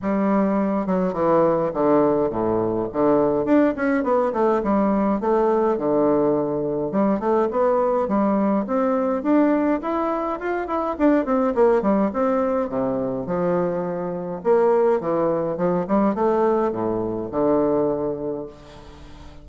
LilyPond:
\new Staff \with { instrumentName = "bassoon" } { \time 4/4 \tempo 4 = 104 g4. fis8 e4 d4 | a,4 d4 d'8 cis'8 b8 a8 | g4 a4 d2 | g8 a8 b4 g4 c'4 |
d'4 e'4 f'8 e'8 d'8 c'8 | ais8 g8 c'4 c4 f4~ | f4 ais4 e4 f8 g8 | a4 a,4 d2 | }